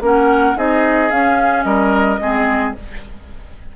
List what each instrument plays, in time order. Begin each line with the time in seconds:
0.00 bassoon A#3, clarinet C#4, oboe A#4, flute F#5
0.55 bassoon C4, clarinet D#4, oboe G#4, flute D#5
1.10 clarinet C#4, bassoon C#4, flute F5
1.63 bassoon G3, oboe A#4, flute D#5
2.20 bassoon G#3, clarinet C4, oboe G#4